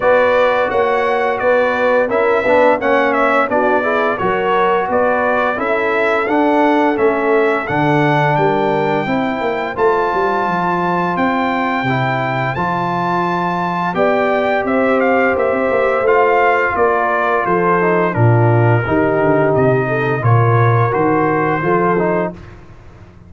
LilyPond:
<<
  \new Staff \with { instrumentName = "trumpet" } { \time 4/4 \tempo 4 = 86 d''4 fis''4 d''4 e''4 | fis''8 e''8 d''4 cis''4 d''4 | e''4 fis''4 e''4 fis''4 | g''2 a''2 |
g''2 a''2 | g''4 e''8 f''8 e''4 f''4 | d''4 c''4 ais'2 | dis''4 cis''4 c''2 | }
  \new Staff \with { instrumentName = "horn" } { \time 4/4 b'4 cis''4 b'4 ais'8 b'8 | cis''4 fis'8 gis'8 ais'4 b'4 | a'1 | ais'4 c''2.~ |
c''1 | d''4 c''2. | ais'4 a'4 f'4 g'4~ | g'8 a'8 ais'2 a'4 | }
  \new Staff \with { instrumentName = "trombone" } { \time 4/4 fis'2. e'8 d'8 | cis'4 d'8 e'8 fis'2 | e'4 d'4 cis'4 d'4~ | d'4 e'4 f'2~ |
f'4 e'4 f'2 | g'2. f'4~ | f'4. dis'8 d'4 dis'4~ | dis'4 f'4 fis'4 f'8 dis'8 | }
  \new Staff \with { instrumentName = "tuba" } { \time 4/4 b4 ais4 b4 cis'8 b8 | ais4 b4 fis4 b4 | cis'4 d'4 a4 d4 | g4 c'8 ais8 a8 g8 f4 |
c'4 c4 f2 | b4 c'4 ais16 c'16 ais8 a4 | ais4 f4 ais,4 dis8 d8 | c4 ais,4 dis4 f4 | }
>>